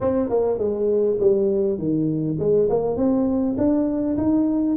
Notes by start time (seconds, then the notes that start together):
0.00 C4
0.29 A#3
0.58 G#3
1.19 G3
1.78 D#3
2.39 G#3
2.69 A#3
2.96 C4
3.57 D4
4.17 D#4